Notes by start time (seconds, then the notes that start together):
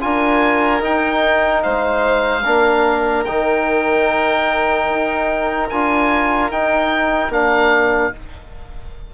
0.00 D4 F4 A#4 G#5
0.80 D#4 G5
1.63 G#3 C5 F5
2.42 A#3 D4 A#4
3.24 D#3 D#4 G5
4.88 D#4
5.69 D4 F4 G#5
6.50 D#4 G5
7.29 A#3 D4 F5